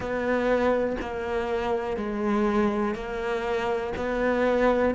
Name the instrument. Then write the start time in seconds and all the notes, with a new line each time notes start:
cello
0.00 B3
1.00 A#3
1.96 G#3
2.95 A#3
3.96 B3